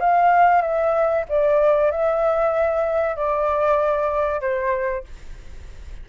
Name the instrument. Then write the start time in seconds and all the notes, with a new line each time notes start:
flute
0.00 F5
0.61 E5
1.29 D5
1.91 E5
3.16 D5
4.40 C5